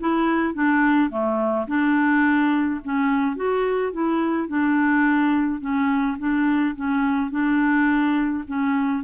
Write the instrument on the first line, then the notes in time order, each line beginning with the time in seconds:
clarinet
0.00 E4
0.54 D4
1.10 A3
1.67 D4
2.84 C#4
3.36 F#4
3.92 E4
4.48 D4
5.61 C#4
6.19 D4
6.76 C#4
7.31 D4
8.48 C#4